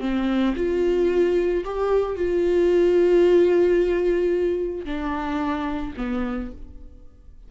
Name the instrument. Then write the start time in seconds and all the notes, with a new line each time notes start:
viola
0.00 C4
0.56 F4
1.64 G4
2.15 F4
4.85 D4
5.97 B3